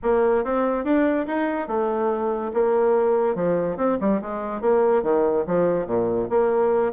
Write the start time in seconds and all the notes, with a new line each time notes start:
0.02 A#3
0.44 C4
0.84 D4
1.26 D#4
1.67 A3
2.53 A#3
3.35 F3
3.76 C4
4.00 G3
4.21 G#3
4.61 A#3
5.02 D#3
5.46 F3
5.86 A#2
6.29 A#3